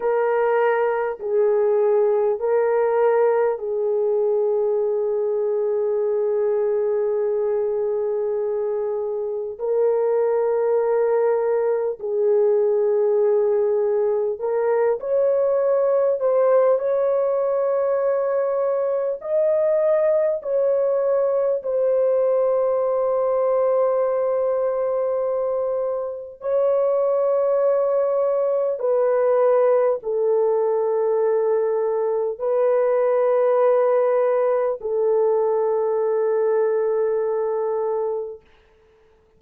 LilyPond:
\new Staff \with { instrumentName = "horn" } { \time 4/4 \tempo 4 = 50 ais'4 gis'4 ais'4 gis'4~ | gis'1 | ais'2 gis'2 | ais'8 cis''4 c''8 cis''2 |
dis''4 cis''4 c''2~ | c''2 cis''2 | b'4 a'2 b'4~ | b'4 a'2. | }